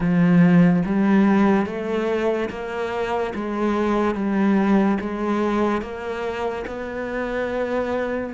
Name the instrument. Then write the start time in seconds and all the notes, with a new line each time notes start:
cello
0.00 F3
0.85 G3
1.66 A3
2.49 A#3
3.34 G#3
4.14 G3
5.00 G#3
5.81 A#3
6.67 B3